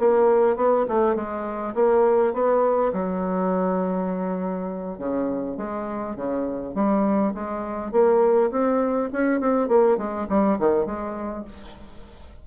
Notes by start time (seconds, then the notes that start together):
0.00 A#3
0.57 B3
0.89 A3
1.16 G#3
1.75 A#3
2.34 B3
2.94 F#3
4.99 C#3
5.57 G#3
6.17 C#3
6.75 G3
7.34 G#3
7.93 A#3
8.52 C4
9.13 C#4
9.41 C4
9.69 A#3
9.98 G#3
10.30 G3
10.59 D#3
10.86 G#3